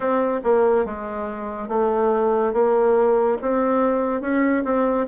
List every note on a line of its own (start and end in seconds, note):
0.00 0.40 C4
0.43 0.85 A#3
0.85 1.68 G#3
1.68 2.53 A3
2.53 3.37 A#3
3.41 4.21 C4
4.21 4.63 C#4
4.64 5.06 C4